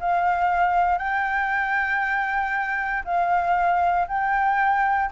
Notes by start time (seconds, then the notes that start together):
0.00 F5
0.98 G5
3.05 F5
4.08 G5